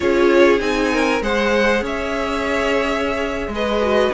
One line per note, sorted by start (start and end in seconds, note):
0.00 0.59 C#4
0.00 0.59 F4
0.00 0.92 G#4
0.00 0.60 C#5
0.59 1.21 C4
0.59 1.20 D#4
0.59 1.21 G#5
0.92 1.23 A#4
1.21 1.81 G#3
1.21 3.81 G#4
1.21 1.83 C5
1.21 1.84 F#5
1.81 3.47 C#4
1.81 3.51 C#5
1.81 3.54 E5
3.47 4.09 G#3
3.54 4.13 B4
3.54 4.13 D#5
3.81 4.12 F#4